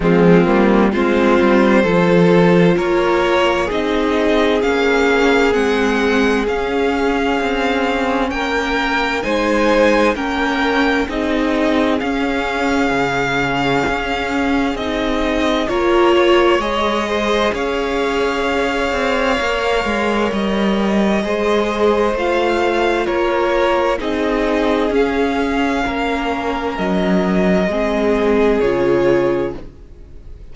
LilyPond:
<<
  \new Staff \with { instrumentName = "violin" } { \time 4/4 \tempo 4 = 65 f'4 c''2 cis''4 | dis''4 f''4 fis''4 f''4~ | f''4 g''4 gis''4 g''4 | dis''4 f''2. |
dis''4 cis''4 dis''4 f''4~ | f''2 dis''2 | f''4 cis''4 dis''4 f''4~ | f''4 dis''2 cis''4 | }
  \new Staff \with { instrumentName = "violin" } { \time 4/4 c'4 f'4 a'4 ais'4 | gis'1~ | gis'4 ais'4 c''4 ais'4 | gis'1~ |
gis'4 ais'8 cis''4 c''8 cis''4~ | cis''2. c''4~ | c''4 ais'4 gis'2 | ais'2 gis'2 | }
  \new Staff \with { instrumentName = "viola" } { \time 4/4 gis8 ais8 c'4 f'2 | dis'4 cis'4 c'4 cis'4~ | cis'2 dis'4 cis'4 | dis'4 cis'2. |
dis'4 f'4 gis'2~ | gis'4 ais'2 gis'4 | f'2 dis'4 cis'4~ | cis'2 c'4 f'4 | }
  \new Staff \with { instrumentName = "cello" } { \time 4/4 f8 g8 gis8 g8 f4 ais4 | c'4 ais4 gis4 cis'4 | c'4 ais4 gis4 ais4 | c'4 cis'4 cis4 cis'4 |
c'4 ais4 gis4 cis'4~ | cis'8 c'8 ais8 gis8 g4 gis4 | a4 ais4 c'4 cis'4 | ais4 fis4 gis4 cis4 | }
>>